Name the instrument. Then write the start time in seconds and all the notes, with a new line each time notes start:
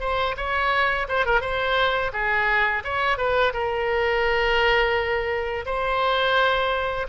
oboe
0.00 C5
0.37 C#5
1.08 C5
1.25 A#4
1.41 C5
2.12 G#4
2.84 C#5
3.17 B4
3.53 A#4
5.65 C5